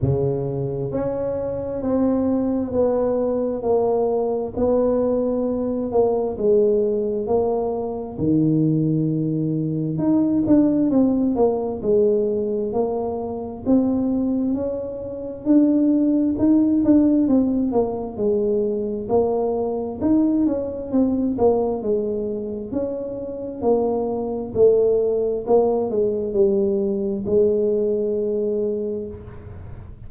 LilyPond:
\new Staff \with { instrumentName = "tuba" } { \time 4/4 \tempo 4 = 66 cis4 cis'4 c'4 b4 | ais4 b4. ais8 gis4 | ais4 dis2 dis'8 d'8 | c'8 ais8 gis4 ais4 c'4 |
cis'4 d'4 dis'8 d'8 c'8 ais8 | gis4 ais4 dis'8 cis'8 c'8 ais8 | gis4 cis'4 ais4 a4 | ais8 gis8 g4 gis2 | }